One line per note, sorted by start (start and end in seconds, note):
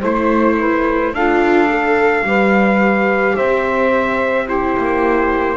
0.00 1.13 A3
0.00 1.14 E4
0.00 0.56 C5
0.00 1.15 C5
0.59 1.13 B4
1.13 2.23 D4
1.13 1.69 F4
1.13 2.25 A4
1.13 3.37 F5
1.69 2.25 A4
2.23 3.34 G3
2.23 4.48 G4
2.23 3.36 B4
3.36 4.77 C4
3.36 4.45 C5
3.36 4.48 E5
4.45 5.57 E4
4.45 5.56 G4
4.45 5.57 C5
4.78 5.57 A#3